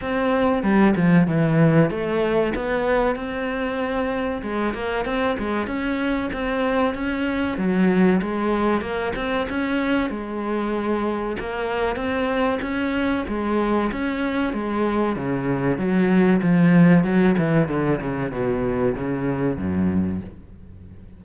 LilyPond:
\new Staff \with { instrumentName = "cello" } { \time 4/4 \tempo 4 = 95 c'4 g8 f8 e4 a4 | b4 c'2 gis8 ais8 | c'8 gis8 cis'4 c'4 cis'4 | fis4 gis4 ais8 c'8 cis'4 |
gis2 ais4 c'4 | cis'4 gis4 cis'4 gis4 | cis4 fis4 f4 fis8 e8 | d8 cis8 b,4 cis4 fis,4 | }